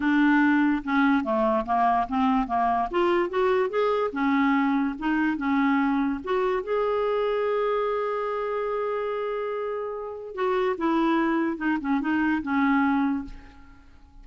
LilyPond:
\new Staff \with { instrumentName = "clarinet" } { \time 4/4 \tempo 4 = 145 d'2 cis'4 a4 | ais4 c'4 ais4 f'4 | fis'4 gis'4 cis'2 | dis'4 cis'2 fis'4 |
gis'1~ | gis'1~ | gis'4 fis'4 e'2 | dis'8 cis'8 dis'4 cis'2 | }